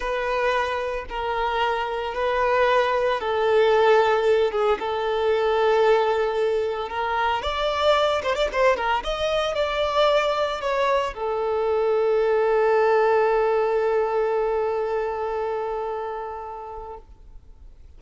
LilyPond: \new Staff \with { instrumentName = "violin" } { \time 4/4 \tempo 4 = 113 b'2 ais'2 | b'2 a'2~ | a'8 gis'8 a'2.~ | a'4 ais'4 d''4. c''16 d''16 |
c''8 ais'8 dis''4 d''2 | cis''4 a'2.~ | a'1~ | a'1 | }